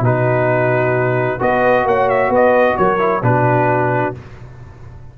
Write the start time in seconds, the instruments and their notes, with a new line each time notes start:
0.00 tuba B2, trombone D#4, horn F#4, trumpet B4
1.39 tuba B3, trombone F#4, horn B4, trumpet D#5
1.85 tuba A#3, horn C#5, trumpet F#5
2.10 trumpet E5
2.29 tuba B3, horn B4
2.35 trumpet D#5
2.77 tuba F#3, horn A#4, trumpet C#5
2.99 trombone E4
3.23 tuba B2, trombone D4, horn F#4, trumpet B4